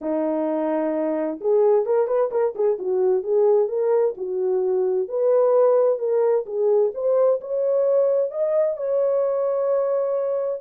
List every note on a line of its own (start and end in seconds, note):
0.01 1.40 D#4
1.40 1.85 G#4
1.85 2.07 A#4
2.07 2.30 B4
2.31 2.54 A#4
2.55 2.78 G#4
2.78 3.23 F#4
3.23 3.68 G#4
3.68 4.14 A#4
4.17 5.08 F#4
5.08 5.99 B4
5.99 6.45 A#4
6.46 6.92 G#4
6.94 7.40 C5
7.40 8.30 C#5
8.30 8.76 D#5
8.76 10.61 C#5